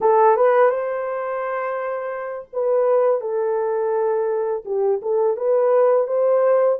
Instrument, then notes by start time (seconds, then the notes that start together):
horn
0.00 A4
0.36 B4
0.69 C5
2.52 B4
3.20 A4
4.65 G4
5.02 A4
5.36 B4
6.07 C5